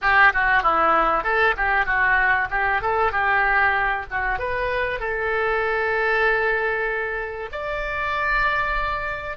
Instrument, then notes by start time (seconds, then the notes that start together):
oboe
0.01 G4
0.33 F#4
0.62 E4
1.23 A4
1.57 G4
1.85 F#4
2.50 G4
2.81 A4
3.12 G4
4.11 F#4
4.39 B4
4.99 A4
7.51 D5